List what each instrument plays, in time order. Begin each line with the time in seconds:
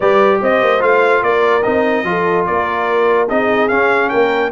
0.00 tuba G3, trombone G4, horn B4, trumpet D5
0.41 tuba C4, horn C5, trumpet D#5
0.61 tuba A#3
0.79 tuba A3, trombone F4, trumpet F5
1.22 tuba A#3, horn A#4, trumpet D5
1.63 tuba C4, trombone D#4, trumpet D#5
2.03 tuba F3, trombone F4, horn A4
2.46 tuba A#3, horn A#4, trumpet D5
3.29 tuba C4, trombone D#4, horn G#4, trumpet D#5
3.68 trombone C#4, tuba C#4, trumpet F5
4.09 tuba A#3, horn A#4, trumpet G5